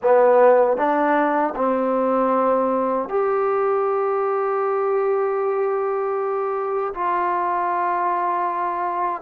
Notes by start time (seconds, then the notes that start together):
0.02 B3
0.77 D4
1.55 C4
3.08 G4
6.94 F4